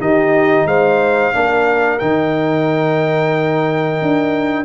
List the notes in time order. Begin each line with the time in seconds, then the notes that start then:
0.00 D#3 D#4 G4 D#5
0.65 G#3 C5 F5
1.33 A#3 D4 A#4
1.99 D#3 D#4 G5
4.02 D4